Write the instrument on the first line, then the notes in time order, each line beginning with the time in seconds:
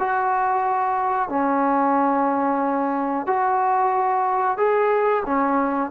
trombone
0.00 F#4
1.29 C#4
3.27 F#4
4.58 G#4
5.26 C#4